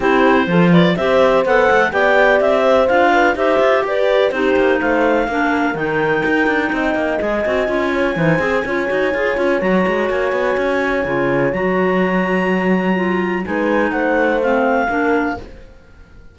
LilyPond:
<<
  \new Staff \with { instrumentName = "clarinet" } { \time 4/4 \tempo 4 = 125 c''4. d''8 e''4 fis''4 | g''4 e''4 f''4 e''4 | d''4 c''4 f''2 | g''2. gis''4~ |
gis''1 | ais''4 gis''2. | ais''1 | gis''4 fis''4 f''2 | }
  \new Staff \with { instrumentName = "horn" } { \time 4/4 g'4 a'8 b'8 c''2 | d''4. c''4 b'8 c''4 | b'4 g'4 c''4 ais'4~ | ais'2 dis''2~ |
dis''8 cis''8 c''4 cis''2~ | cis''1~ | cis''1 | b'4 c''2 ais'4 | }
  \new Staff \with { instrumentName = "clarinet" } { \time 4/4 e'4 f'4 g'4 a'4 | g'2 f'4 g'4~ | g'4 dis'2 d'4 | dis'2. gis'8 fis'8 |
f'4 dis'8 gis'8 f'8 fis'8 gis'8 f'8 | fis'2. f'4 | fis'2. f'4 | dis'2 c'4 d'4 | }
  \new Staff \with { instrumentName = "cello" } { \time 4/4 c'4 f4 c'4 b8 a8 | b4 c'4 d'4 dis'8 f'8 | g'4 c'8 ais8 a4 ais4 | dis4 dis'8 d'8 c'8 ais8 gis8 c'8 |
cis'4 e8 c'8 cis'8 dis'8 f'8 cis'8 | fis8 gis8 ais8 b8 cis'4 cis4 | fis1 | gis4 a2 ais4 | }
>>